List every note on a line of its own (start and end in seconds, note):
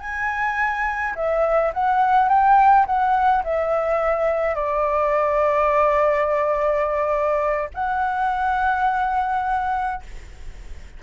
0.00 1.14 G#5
1.15 1.72 E5
1.74 2.29 F#5
2.29 2.86 G5
2.86 3.43 F#5
3.44 4.55 E5
4.55 7.69 D5
7.74 10.03 F#5